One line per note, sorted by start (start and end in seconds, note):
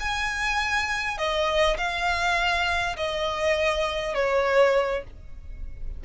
0.00 1.18 G#5
1.18 1.77 D#5
1.78 2.96 F5
2.97 4.15 D#5
4.15 5.04 C#5